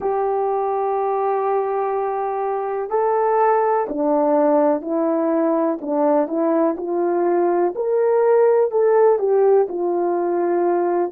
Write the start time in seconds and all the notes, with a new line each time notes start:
0.00 G4
2.89 A4
3.88 D4
4.81 E4
5.81 D4
6.27 E4
6.77 F4
7.75 A#4
8.71 A4
9.18 G4
9.68 F4